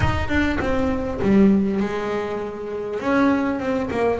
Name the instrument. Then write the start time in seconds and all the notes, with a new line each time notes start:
double bass
0.00 D#4
0.28 D4
0.59 C4
1.22 G3
1.79 G#3
3.00 C#4
3.59 C4
3.91 A#3